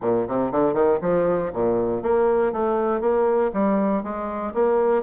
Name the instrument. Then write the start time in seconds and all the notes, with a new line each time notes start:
bassoon
0.01 A#2
0.28 C3
0.51 D3
0.73 D#3
1.01 F3
1.53 A#2
2.02 A#3
2.52 A3
3.00 A#3
3.53 G3
4.03 G#3
4.54 A#3